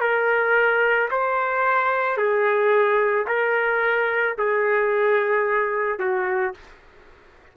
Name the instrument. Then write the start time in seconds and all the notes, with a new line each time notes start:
trumpet
0.00 A#4
1.11 C5
2.17 G#4
3.27 A#4
4.37 G#4
5.99 F#4